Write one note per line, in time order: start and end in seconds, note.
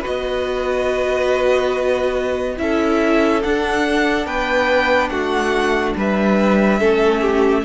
0.00 2.56 F#4
0.00 2.54 B4
0.00 2.58 D#5
0.07 2.59 B3
2.57 3.43 C#4
2.57 3.41 E4
2.57 4.26 A4
2.57 3.42 E5
3.43 6.80 D4
3.43 4.26 D4
3.43 4.26 F#5
4.26 5.10 B3
4.26 5.10 B4
4.26 5.09 G5
5.09 5.94 A3
5.09 5.95 F#4
5.09 5.93 F#5
5.96 6.80 G3
5.96 6.79 B4
5.96 7.65 E5
6.79 7.65 A3
6.79 7.64 C#4
6.79 7.20 A4
7.20 7.63 G4